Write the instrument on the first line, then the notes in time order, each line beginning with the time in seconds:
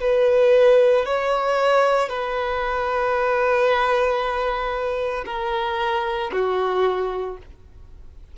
violin
0.00 B4
1.06 C#5
2.09 B4
5.26 A#4
6.32 F#4